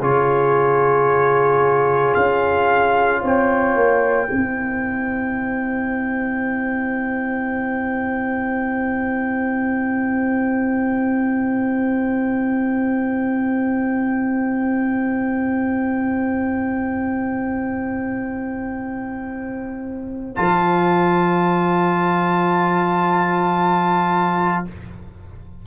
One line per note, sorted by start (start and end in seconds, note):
0.00 2.15 C#3
0.00 4.29 F4
0.00 3.21 G#4
0.00 2.15 C#5
2.15 3.24 C#4
2.15 3.22 F5
3.22 3.75 C4
3.22 4.29 C#5
3.22 20.36 G5
3.75 4.29 A#3
4.29 20.38 C4
4.29 20.37 E4
4.29 24.66 C5
20.36 24.67 F3
20.36 24.65 F4
20.36 24.65 A5